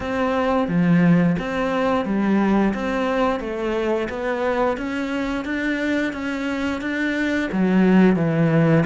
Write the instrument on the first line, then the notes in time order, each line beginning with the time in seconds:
cello
0.00 C4
0.68 F3
1.39 C4
2.05 G3
2.73 C4
3.40 A3
4.09 B3
4.77 C#4
5.44 D4
6.12 C#4
6.81 D4
7.52 F#3
8.16 E3